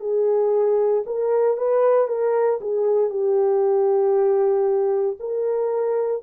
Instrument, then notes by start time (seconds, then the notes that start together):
horn
0.00 G#4
1.06 A#4
1.58 B4
2.07 A#4
2.61 G#4
3.10 G4
5.20 A#4